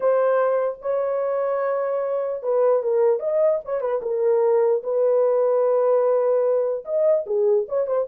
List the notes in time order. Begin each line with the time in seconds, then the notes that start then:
0.00 C5
0.81 C#5
2.42 B4
2.82 A#4
3.19 D#5
3.64 C#5
3.80 B4
4.02 A#4
4.83 B4
6.85 D#5
7.26 G#4
7.68 C#5
7.86 C5